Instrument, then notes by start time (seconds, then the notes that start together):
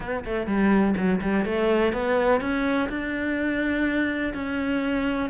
cello
0.00 B3
0.24 A3
0.46 G3
0.96 F#3
1.21 G3
1.45 A3
1.92 B3
2.40 C#4
2.89 D4
4.33 C#4